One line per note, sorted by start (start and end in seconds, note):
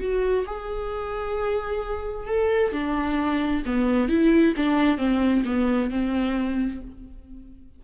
0.00 0.45 F#4
0.46 2.27 G#4
2.27 2.72 A4
2.72 3.63 D4
3.66 4.09 B3
4.09 4.55 E4
4.57 4.98 D4
4.98 5.44 C4
5.45 5.90 B3
5.90 6.81 C4